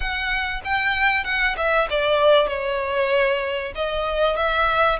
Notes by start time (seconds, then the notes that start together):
0.00 F#5
0.64 G5
1.24 F#5
1.56 E5
1.90 D5
2.47 C#5
3.75 D#5
4.36 E5